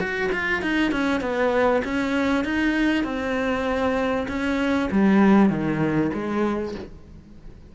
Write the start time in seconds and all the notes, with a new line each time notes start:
0.00 F#4
0.32 F4
0.62 D#4
0.92 C#4
1.21 B3
1.85 C#4
2.45 D#4
3.04 C4
4.28 C#4
4.91 G3
5.50 D#3
6.14 G#3